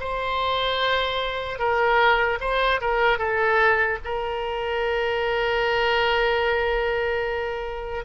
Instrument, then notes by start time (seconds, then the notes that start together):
oboe
0.00 C5
1.59 A#4
2.40 C5
2.81 A#4
3.18 A4
4.04 A#4